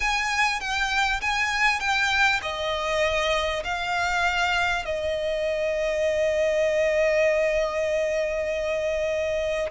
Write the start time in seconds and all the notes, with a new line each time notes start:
0.00 G#5
0.60 G5
1.21 G#5
1.79 G5
2.41 D#5
3.64 F5
4.85 D#5